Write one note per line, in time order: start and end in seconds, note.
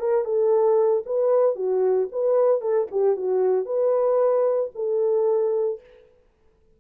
0.00 0.25 A#4
0.25 1.04 A4
1.06 1.56 B4
1.56 2.08 F#4
2.12 2.61 B4
2.61 2.87 A4
2.91 3.16 G4
3.16 3.66 F#4
3.66 4.71 B4
4.75 5.80 A4